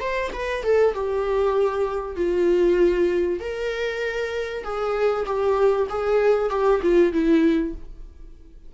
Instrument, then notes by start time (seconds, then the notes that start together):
viola
0.00 C5
0.33 B4
0.63 A4
0.94 G4
2.16 F4
3.40 A#4
4.63 G#4
5.25 G4
5.89 G#4
6.50 G4
6.82 F4
7.12 E4